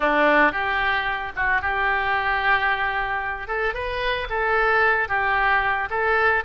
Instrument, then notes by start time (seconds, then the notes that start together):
oboe
0.00 D4
0.51 G4
1.35 F#4
1.61 G4
3.47 A4
3.74 B4
4.29 A4
5.08 G4
5.90 A4